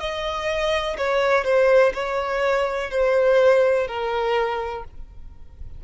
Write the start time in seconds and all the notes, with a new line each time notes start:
0.00 D#5
0.98 C#5
1.44 C5
1.94 C#5
2.91 C5
3.88 A#4